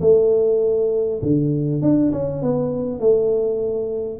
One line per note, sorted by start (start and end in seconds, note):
0.00 1.20 A3
1.22 1.81 D3
1.81 2.11 D4
2.12 2.42 C#4
2.42 2.99 B3
2.99 4.19 A3